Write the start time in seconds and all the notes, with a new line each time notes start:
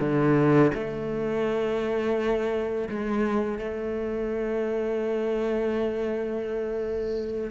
0.00 D3
0.74 A3
2.89 G#3
3.59 A3